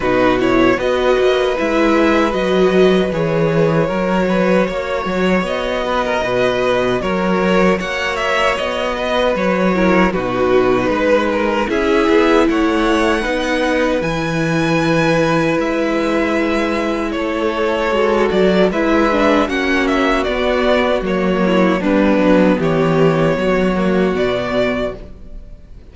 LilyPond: <<
  \new Staff \with { instrumentName = "violin" } { \time 4/4 \tempo 4 = 77 b'8 cis''8 dis''4 e''4 dis''4 | cis''2. dis''4~ | dis''4 cis''4 fis''8 e''8 dis''4 | cis''4 b'2 e''4 |
fis''2 gis''2 | e''2 cis''4. d''8 | e''4 fis''8 e''8 d''4 cis''4 | b'4 cis''2 d''4 | }
  \new Staff \with { instrumentName = "violin" } { \time 4/4 fis'4 b'2.~ | b'4 ais'8 b'8 cis''4. b'16 ais'16 | b'4 ais'4 cis''4. b'8~ | b'8 ais'8 fis'4 b'8 ais'8 gis'4 |
cis''4 b'2.~ | b'2 a'2 | b'4 fis'2~ fis'8 e'8 | d'4 g'4 fis'2 | }
  \new Staff \with { instrumentName = "viola" } { \time 4/4 dis'8 e'8 fis'4 e'4 fis'4 | gis'4 fis'2.~ | fis'1~ | fis'8 e'8 dis'2 e'4~ |
e'4 dis'4 e'2~ | e'2. fis'4 | e'8 d'8 cis'4 b4 ais4 | b2~ b8 ais8 b4 | }
  \new Staff \with { instrumentName = "cello" } { \time 4/4 b,4 b8 ais8 gis4 fis4 | e4 fis4 ais8 fis8 b4 | b,4 fis4 ais4 b4 | fis4 b,4 gis4 cis'8 b8 |
a4 b4 e2 | gis2 a4 gis8 fis8 | gis4 ais4 b4 fis4 | g8 fis8 e4 fis4 b,4 | }
>>